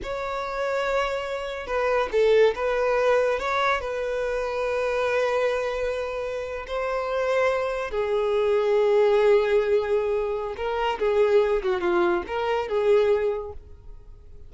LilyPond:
\new Staff \with { instrumentName = "violin" } { \time 4/4 \tempo 4 = 142 cis''1 | b'4 a'4 b'2 | cis''4 b'2.~ | b'2.~ b'8. c''16~ |
c''2~ c''8. gis'4~ gis'16~ | gis'1~ | gis'4 ais'4 gis'4. fis'8 | f'4 ais'4 gis'2 | }